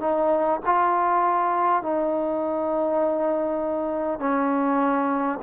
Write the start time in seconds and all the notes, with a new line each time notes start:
0.00 D#4
0.65 F4
1.82 D#4
4.19 C#4